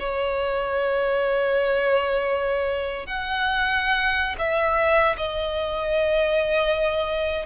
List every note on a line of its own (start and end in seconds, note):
0.00 3.07 C#5
3.07 4.36 F#5
4.39 5.16 E5
5.18 7.47 D#5